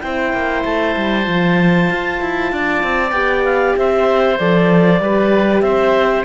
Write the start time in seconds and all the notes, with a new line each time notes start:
0.00 C4 E4 C5 G5
0.33 A#3
0.64 A3 A5
0.96 G3
1.22 F3 F4
1.90 F4
2.20 E4
2.52 D4 D5
2.83 C4
3.10 B3 G4 G5
3.44 F5
3.76 C4 C5 E5
4.38 F3 A4 D5
5.00 G3 G4 B4
5.61 C4 C5 E5